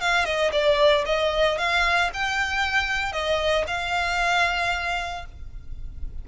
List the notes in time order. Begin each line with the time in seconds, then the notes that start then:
0.00 F5
0.25 D#5
0.52 D5
1.06 D#5
1.58 F5
2.13 G5
3.12 D#5
3.67 F5